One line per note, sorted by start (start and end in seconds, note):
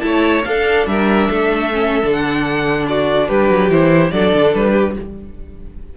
0.00 0.45 A3
0.00 0.42 E4
0.00 0.48 C#5
0.00 0.42 A5
0.44 1.72 D4
0.44 0.86 D4
0.44 0.90 A4
0.44 0.86 F5
0.86 1.28 G3
0.86 1.29 A#4
0.86 2.12 E5
1.29 2.03 A3
1.29 2.87 A4
1.73 2.02 C#4
2.02 3.29 D3
2.02 3.70 D4
2.12 2.86 F#5
2.88 3.28 F#4
2.88 3.28 D5
3.28 3.49 G3
3.28 4.12 G4
3.28 3.70 B4
3.49 3.70 F#3
3.70 4.12 E3
3.70 4.12 E4
3.70 4.11 C5
4.11 4.33 F#3
4.11 4.96 D4
4.11 4.72 A4
4.11 4.53 D5
4.33 4.54 D3
4.54 4.96 G3
4.54 4.97 B4
4.72 4.93 G4